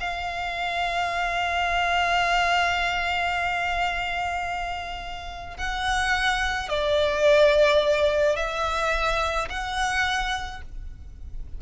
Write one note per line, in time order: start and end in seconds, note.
0.00 5.57 F5
5.57 6.69 F#5
6.69 8.36 D5
8.36 9.48 E5
9.49 10.62 F#5